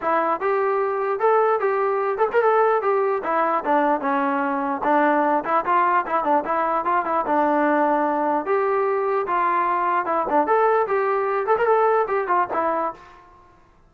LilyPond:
\new Staff \with { instrumentName = "trombone" } { \time 4/4 \tempo 4 = 149 e'4 g'2 a'4 | g'4. a'16 ais'16 a'4 g'4 | e'4 d'4 cis'2 | d'4. e'8 f'4 e'8 d'8 |
e'4 f'8 e'8 d'2~ | d'4 g'2 f'4~ | f'4 e'8 d'8 a'4 g'4~ | g'8 a'16 ais'16 a'4 g'8 f'8 e'4 | }